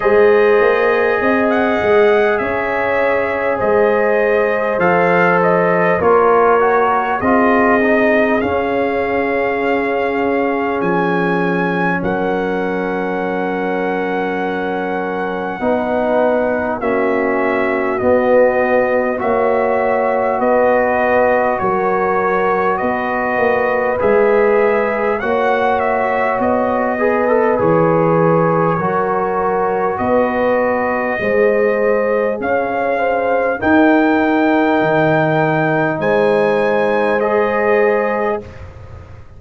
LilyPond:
<<
  \new Staff \with { instrumentName = "trumpet" } { \time 4/4 \tempo 4 = 50 dis''4~ dis''16 fis''8. e''4 dis''4 | f''8 dis''8 cis''4 dis''4 f''4~ | f''4 gis''4 fis''2~ | fis''2 e''4 dis''4 |
e''4 dis''4 cis''4 dis''4 | e''4 fis''8 e''8 dis''4 cis''4~ | cis''4 dis''2 f''4 | g''2 gis''4 dis''4 | }
  \new Staff \with { instrumentName = "horn" } { \time 4/4 c''4 dis''4 cis''4 c''4~ | c''4 ais'4 gis'2~ | gis'2 ais'2~ | ais'4 b'4 fis'2 |
cis''4 b'4 ais'4 b'4~ | b'4 cis''4. b'4. | ais'4 b'4 c''4 cis''8 c''8 | ais'2 c''2 | }
  \new Staff \with { instrumentName = "trombone" } { \time 4/4 gis'1 | a'4 f'8 fis'8 f'8 dis'8 cis'4~ | cis'1~ | cis'4 dis'4 cis'4 b4 |
fis'1 | gis'4 fis'4. gis'16 a'16 gis'4 | fis'2 gis'2 | dis'2. gis'4 | }
  \new Staff \with { instrumentName = "tuba" } { \time 4/4 gis8 ais8 c'8 gis8 cis'4 gis4 | f4 ais4 c'4 cis'4~ | cis'4 f4 fis2~ | fis4 b4 ais4 b4 |
ais4 b4 fis4 b8 ais8 | gis4 ais4 b4 e4 | fis4 b4 gis4 cis'4 | dis'4 dis4 gis2 | }
>>